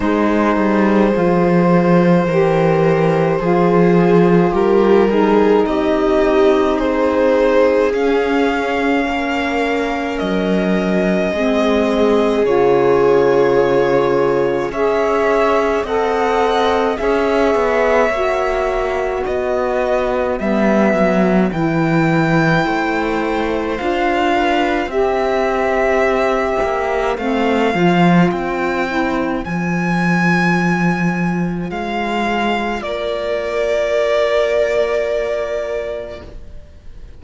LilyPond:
<<
  \new Staff \with { instrumentName = "violin" } { \time 4/4 \tempo 4 = 53 c''1 | ais'4 dis''4 c''4 f''4~ | f''4 dis''2 cis''4~ | cis''4 e''4 fis''4 e''4~ |
e''4 dis''4 e''4 g''4~ | g''4 f''4 e''2 | f''4 g''4 gis''2 | f''4 d''2. | }
  \new Staff \with { instrumentName = "viola" } { \time 4/4 gis'2 ais'4 gis'4 | g'8 gis'8 g'4 gis'2 | ais'2 gis'2~ | gis'4 cis''4 dis''4 cis''4~ |
cis''4 b'2. | c''4. b'8 c''2~ | c''1~ | c''4 ais'2. | }
  \new Staff \with { instrumentName = "saxophone" } { \time 4/4 dis'4 f'4 g'4 f'4~ | f'8 dis'2~ dis'8 cis'4~ | cis'2 c'4 f'4~ | f'4 gis'4 a'4 gis'4 |
fis'2 b4 e'4~ | e'4 f'4 g'2 | c'8 f'4 e'8 f'2~ | f'1 | }
  \new Staff \with { instrumentName = "cello" } { \time 4/4 gis8 g8 f4 e4 f4 | g4 c'2 cis'4 | ais4 fis4 gis4 cis4~ | cis4 cis'4 c'4 cis'8 b8 |
ais4 b4 g8 fis8 e4 | a4 d'4 c'4. ais8 | a8 f8 c'4 f2 | gis4 ais2. | }
>>